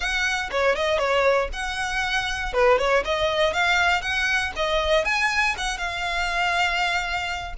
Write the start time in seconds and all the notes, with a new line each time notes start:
0.00 F#5
0.51 C#5
0.75 D#5
0.98 C#5
1.52 F#5
2.53 B4
2.78 C#5
3.04 D#5
3.53 F5
4.01 F#5
4.56 D#5
5.04 G#5
5.57 F#5
5.77 F5